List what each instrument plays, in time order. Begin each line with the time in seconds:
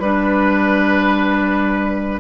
0.00 bassoon G3, clarinet D4, flute B4, oboe B4